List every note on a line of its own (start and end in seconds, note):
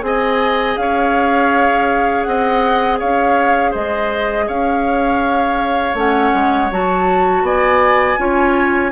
0.00 0.76 C4
0.00 5.93 G#4
0.00 0.79 D#5
0.00 0.76 G#5
0.76 2.25 C#4
0.76 2.28 C#5
0.76 2.23 F5
2.23 3.00 C4
2.23 2.99 D#5
2.23 2.97 F#5
2.99 3.74 C#4
2.99 3.71 C#5
2.99 3.73 F5
3.71 4.48 G#3
3.71 4.45 C5
3.71 4.48 D#5
4.46 5.94 C#4
4.46 7.43 C#5
4.46 5.96 F5
5.94 6.31 A3
5.94 6.69 C#4
5.94 6.71 F#5
6.33 6.70 G#3
6.71 7.42 F#3
6.71 8.18 F#4
6.71 7.44 A5
7.42 8.16 B3
7.42 8.19 D5
7.42 8.91 G#5
8.18 8.91 C#4
8.18 8.91 F4
8.18 8.91 C#5